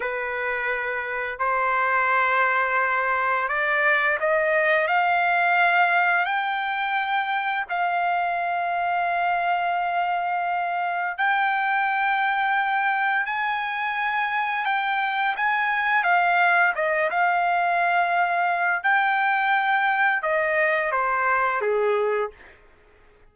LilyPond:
\new Staff \with { instrumentName = "trumpet" } { \time 4/4 \tempo 4 = 86 b'2 c''2~ | c''4 d''4 dis''4 f''4~ | f''4 g''2 f''4~ | f''1 |
g''2. gis''4~ | gis''4 g''4 gis''4 f''4 | dis''8 f''2~ f''8 g''4~ | g''4 dis''4 c''4 gis'4 | }